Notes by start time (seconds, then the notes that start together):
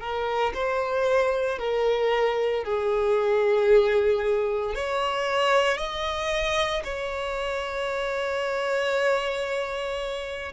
0.00 A#4
0.54 C5
1.58 A#4
2.64 G#4
4.74 C#5
5.77 D#5
6.83 C#5